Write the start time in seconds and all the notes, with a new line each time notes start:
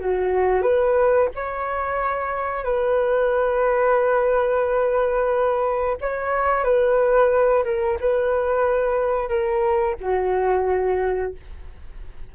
0.00 F#4
0.62 B4
1.35 C#5
2.64 B4
6.01 C#5
6.64 B4
7.65 A#4
8.01 B4
9.29 A#4
10.01 F#4